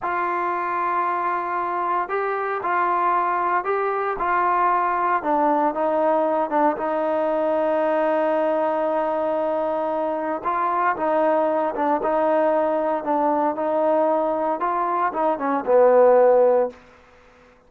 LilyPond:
\new Staff \with { instrumentName = "trombone" } { \time 4/4 \tempo 4 = 115 f'1 | g'4 f'2 g'4 | f'2 d'4 dis'4~ | dis'8 d'8 dis'2.~ |
dis'1 | f'4 dis'4. d'8 dis'4~ | dis'4 d'4 dis'2 | f'4 dis'8 cis'8 b2 | }